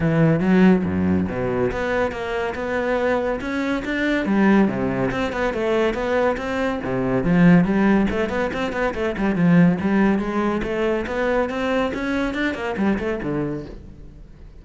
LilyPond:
\new Staff \with { instrumentName = "cello" } { \time 4/4 \tempo 4 = 141 e4 fis4 fis,4 b,4 | b4 ais4 b2 | cis'4 d'4 g4 c4 | c'8 b8 a4 b4 c'4 |
c4 f4 g4 a8 b8 | c'8 b8 a8 g8 f4 g4 | gis4 a4 b4 c'4 | cis'4 d'8 ais8 g8 a8 d4 | }